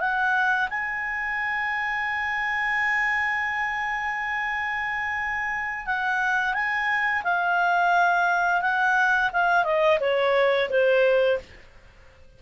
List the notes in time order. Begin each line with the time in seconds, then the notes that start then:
0.00 F#5
0.70 G#5
5.87 F#5
6.54 G#5
7.24 F5
8.62 F#5
9.33 F5
9.64 D#5
10.01 C#5
10.70 C5